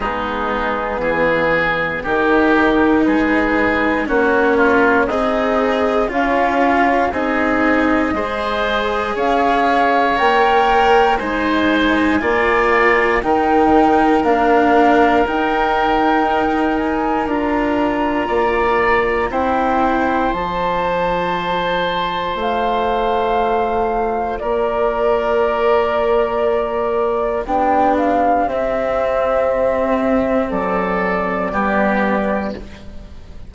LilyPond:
<<
  \new Staff \with { instrumentName = "flute" } { \time 4/4 \tempo 4 = 59 gis'2 ais'4 b'4 | cis''4 dis''4 f''4 dis''4~ | dis''4 f''4 g''4 gis''4~ | gis''4 g''4 f''4 g''4~ |
g''8 gis''8 ais''2 g''4 | a''2 f''2 | d''2. g''8 f''8 | e''2 d''2 | }
  \new Staff \with { instrumentName = "oboe" } { \time 4/4 dis'4 gis'4 g'4 gis'4 | fis'8 f'8 dis'4 cis'4 gis'4 | c''4 cis''2 c''4 | d''4 ais'2.~ |
ais'2 d''4 c''4~ | c''1 | ais'2. g'4~ | g'2 a'4 g'4 | }
  \new Staff \with { instrumentName = "cello" } { \time 4/4 b2 dis'2 | cis'4 gis'4 f'4 dis'4 | gis'2 ais'4 dis'4 | f'4 dis'4 d'4 dis'4~ |
dis'4 f'2 e'4 | f'1~ | f'2. d'4 | c'2. b4 | }
  \new Staff \with { instrumentName = "bassoon" } { \time 4/4 gis4 e4 dis4 gis4 | ais4 c'4 cis'4 c'4 | gis4 cis'4 ais4 gis4 | ais4 dis4 ais4 dis'4~ |
dis'4 d'4 ais4 c'4 | f2 a2 | ais2. b4 | c'2 fis4 g4 | }
>>